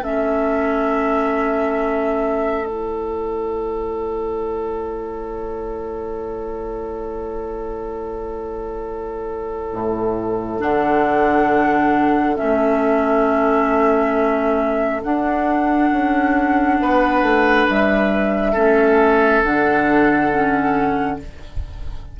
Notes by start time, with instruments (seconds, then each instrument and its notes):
0.00 bassoon A3, clarinet C#4, oboe A4, flute E5
2.66 clarinet E4, flute C#5
9.73 bassoon A2
10.59 bassoon D3, clarinet D4, flute F#5
12.36 bassoon A3, clarinet C#4, flute E5
15.03 bassoon D4, clarinet D4, flute F#5
15.91 bassoon C#4
16.80 bassoon B3, oboe B4
17.22 bassoon A3
17.69 bassoon G3, flute E5
18.52 bassoon A3, clarinet C#4, oboe A4
19.43 bassoon D3, clarinet D4, flute F#5
20.31 clarinet C#4